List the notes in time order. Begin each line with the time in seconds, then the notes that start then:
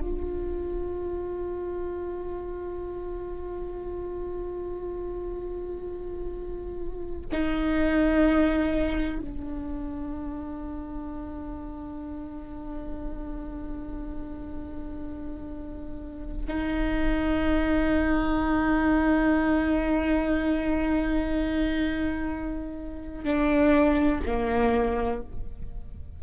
0.00 F4
7.32 D#4
9.20 D4
16.48 D#4
23.24 D4
24.26 A#3